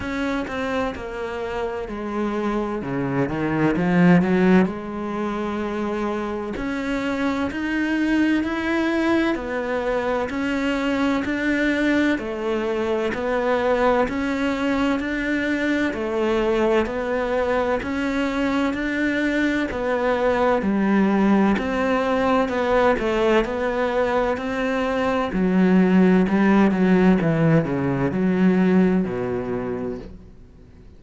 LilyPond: \new Staff \with { instrumentName = "cello" } { \time 4/4 \tempo 4 = 64 cis'8 c'8 ais4 gis4 cis8 dis8 | f8 fis8 gis2 cis'4 | dis'4 e'4 b4 cis'4 | d'4 a4 b4 cis'4 |
d'4 a4 b4 cis'4 | d'4 b4 g4 c'4 | b8 a8 b4 c'4 fis4 | g8 fis8 e8 cis8 fis4 b,4 | }